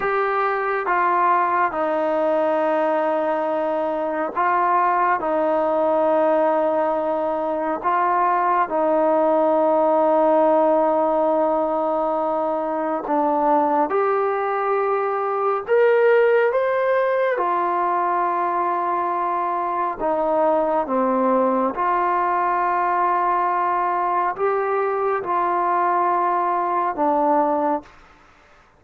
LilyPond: \new Staff \with { instrumentName = "trombone" } { \time 4/4 \tempo 4 = 69 g'4 f'4 dis'2~ | dis'4 f'4 dis'2~ | dis'4 f'4 dis'2~ | dis'2. d'4 |
g'2 ais'4 c''4 | f'2. dis'4 | c'4 f'2. | g'4 f'2 d'4 | }